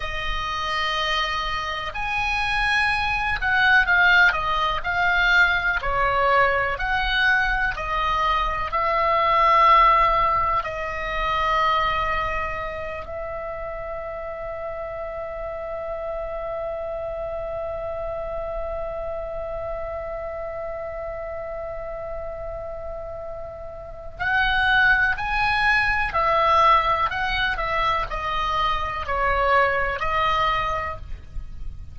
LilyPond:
\new Staff \with { instrumentName = "oboe" } { \time 4/4 \tempo 4 = 62 dis''2 gis''4. fis''8 | f''8 dis''8 f''4 cis''4 fis''4 | dis''4 e''2 dis''4~ | dis''4. e''2~ e''8~ |
e''1~ | e''1~ | e''4 fis''4 gis''4 e''4 | fis''8 e''8 dis''4 cis''4 dis''4 | }